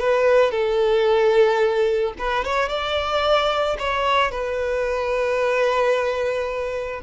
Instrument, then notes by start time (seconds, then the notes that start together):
violin
0.00 B4
0.52 A4
2.19 B4
2.45 C#5
2.69 D5
3.79 C#5
4.31 B4